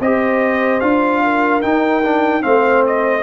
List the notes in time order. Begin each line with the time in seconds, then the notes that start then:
0.00 C4 G4 C5 D#5
0.81 D4 F4 F5
1.24 A#4
1.62 D#4 G5
2.04 D4
2.42 A3 C4 C5 F5
2.87 D#5